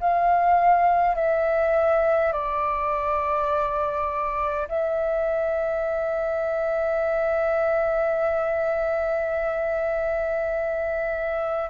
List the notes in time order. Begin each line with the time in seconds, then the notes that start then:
0.00 F5
1.15 E5
2.33 D5
4.68 E5